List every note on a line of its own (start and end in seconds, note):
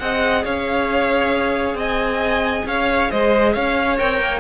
0.00 0.44 C4
0.00 3.98 G#4
0.00 0.45 D#5
0.00 0.44 F#5
0.45 1.74 C#4
0.45 1.77 C#5
0.45 1.77 F5
1.74 2.63 C4
1.74 2.65 D#5
1.74 2.68 G#5
2.66 3.10 C#4
2.66 3.11 C#5
2.66 3.11 F5
3.11 3.56 G#3
3.11 3.53 C5
3.11 3.53 D#5
3.53 4.00 C#4
3.53 4.40 C#5
3.53 3.98 F5
3.98 4.20 C4
3.98 4.40 A#4
3.98 4.40 G5
4.20 4.40 A#3